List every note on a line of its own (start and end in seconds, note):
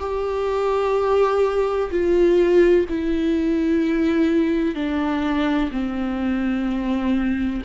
0.00 1.90 G4
1.91 2.87 F4
2.90 4.75 E4
4.75 5.71 D4
5.72 7.62 C4